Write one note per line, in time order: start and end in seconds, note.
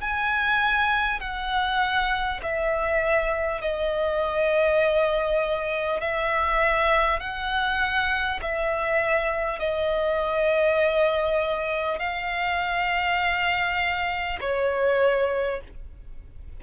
0.00 1.20 G#5
1.20 2.40 F#5
2.42 3.61 E5
3.61 6.00 D#5
6.00 7.19 E5
7.19 8.39 F#5
8.41 9.59 E5
9.59 11.99 D#5
11.99 14.39 F5
14.40 15.60 C#5